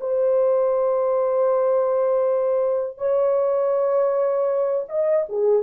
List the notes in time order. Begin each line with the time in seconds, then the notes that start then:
0.00 C5
2.98 C#5
4.88 D#5
5.29 G#4